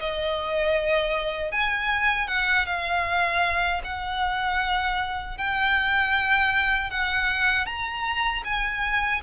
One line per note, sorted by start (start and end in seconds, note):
0.00 1.52 D#5
1.52 2.28 G#5
2.28 2.66 F#5
2.66 3.82 F5
3.85 5.38 F#5
5.38 6.91 G5
6.91 7.66 F#5
7.66 8.43 A#5
8.45 9.22 G#5